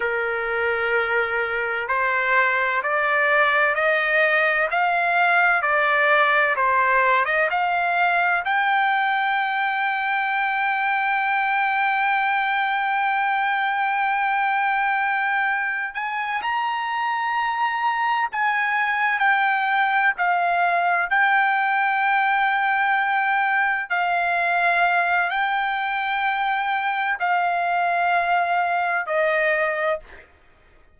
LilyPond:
\new Staff \with { instrumentName = "trumpet" } { \time 4/4 \tempo 4 = 64 ais'2 c''4 d''4 | dis''4 f''4 d''4 c''8. dis''16 | f''4 g''2.~ | g''1~ |
g''4 gis''8 ais''2 gis''8~ | gis''8 g''4 f''4 g''4.~ | g''4. f''4. g''4~ | g''4 f''2 dis''4 | }